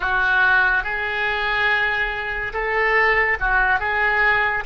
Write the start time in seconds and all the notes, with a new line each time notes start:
0.00 F#4
0.83 G#4
2.53 A4
3.40 F#4
3.79 G#4